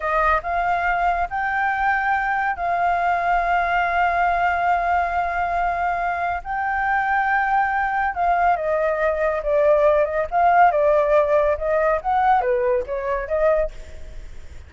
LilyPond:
\new Staff \with { instrumentName = "flute" } { \time 4/4 \tempo 4 = 140 dis''4 f''2 g''4~ | g''2 f''2~ | f''1~ | f''2. g''4~ |
g''2. f''4 | dis''2 d''4. dis''8 | f''4 d''2 dis''4 | fis''4 b'4 cis''4 dis''4 | }